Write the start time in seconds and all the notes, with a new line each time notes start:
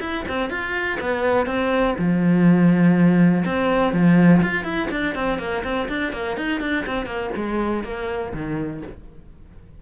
0.00 E4
0.28 C4
0.50 F4
1.00 B3
1.46 C4
1.98 F3
3.45 C4
3.93 F3
4.43 F4
4.64 E4
4.91 D4
5.15 C4
5.39 A#3
5.64 C4
5.88 D4
6.13 A#3
6.37 D#4
6.61 D4
6.86 C4
7.06 A#3
7.35 G#3
7.84 A#3
8.33 D#3